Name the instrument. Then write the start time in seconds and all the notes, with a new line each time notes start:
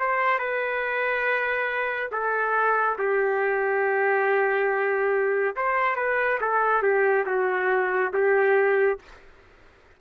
trumpet
0.00 C5
0.39 B4
2.12 A4
2.99 G4
5.56 C5
5.96 B4
6.41 A4
6.83 G4
7.27 F#4
8.14 G4